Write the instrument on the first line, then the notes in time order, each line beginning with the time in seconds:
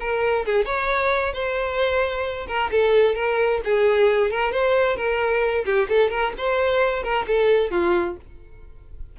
violin
0.00 A#4
0.46 G#4
0.65 C#5
1.33 C5
2.48 A#4
2.71 A4
3.15 A#4
3.64 G#4
4.31 A#4
4.52 C5
4.96 A#4
5.65 G4
5.89 A4
6.10 A#4
6.37 C5
7.03 A#4
7.27 A4
7.71 F4